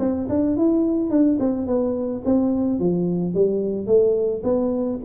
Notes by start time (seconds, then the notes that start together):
0.00 C4
0.30 D4
0.57 E4
1.11 D4
1.40 C4
1.67 B3
2.26 C4
2.80 F3
3.35 G3
3.87 A3
4.44 B3